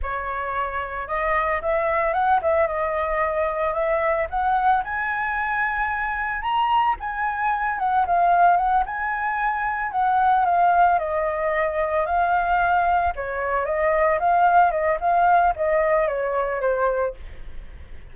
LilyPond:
\new Staff \with { instrumentName = "flute" } { \time 4/4 \tempo 4 = 112 cis''2 dis''4 e''4 | fis''8 e''8 dis''2 e''4 | fis''4 gis''2. | ais''4 gis''4. fis''8 f''4 |
fis''8 gis''2 fis''4 f''8~ | f''8 dis''2 f''4.~ | f''8 cis''4 dis''4 f''4 dis''8 | f''4 dis''4 cis''4 c''4 | }